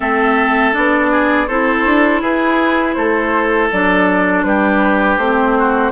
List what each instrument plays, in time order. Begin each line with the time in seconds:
0.00 bassoon A3, clarinet C4, oboe A4, flute E5
0.72 bassoon B3, clarinet D4, flute D5
1.11 oboe G#4
1.47 bassoon C4, clarinet E4, oboe A4, flute C5
1.85 bassoon D4
2.21 bassoon E4, oboe G#4, flute B4
2.93 bassoon A3, oboe A4, flute C5
3.72 bassoon F#3, clarinet D4, flute D5
4.43 bassoon G3, oboe G4, flute B4
5.17 bassoon A3, clarinet C4, flute C5
5.58 oboe F#4